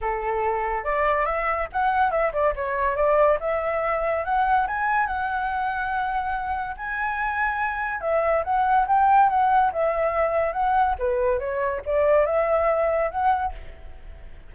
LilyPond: \new Staff \with { instrumentName = "flute" } { \time 4/4 \tempo 4 = 142 a'2 d''4 e''4 | fis''4 e''8 d''8 cis''4 d''4 | e''2 fis''4 gis''4 | fis''1 |
gis''2. e''4 | fis''4 g''4 fis''4 e''4~ | e''4 fis''4 b'4 cis''4 | d''4 e''2 fis''4 | }